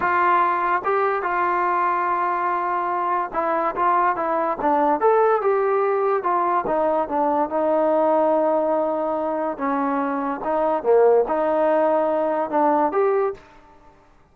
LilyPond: \new Staff \with { instrumentName = "trombone" } { \time 4/4 \tempo 4 = 144 f'2 g'4 f'4~ | f'1 | e'4 f'4 e'4 d'4 | a'4 g'2 f'4 |
dis'4 d'4 dis'2~ | dis'2. cis'4~ | cis'4 dis'4 ais4 dis'4~ | dis'2 d'4 g'4 | }